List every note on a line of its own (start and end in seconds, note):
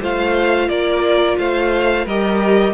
0.00 0.68 A3
0.00 2.06 F4
0.00 0.68 C5
0.00 0.68 F5
0.68 1.37 A#3
0.68 1.38 A#4
0.68 1.37 D5
1.38 2.05 A3
1.38 2.05 C5
1.38 2.06 F5
2.05 2.74 G3
2.05 2.74 G4
2.05 2.73 A#4
2.05 2.74 D#5